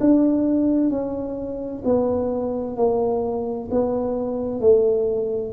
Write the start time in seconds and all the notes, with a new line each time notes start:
0.00 D4
0.90 C#4
1.85 B3
2.77 A#3
3.71 B3
4.61 A3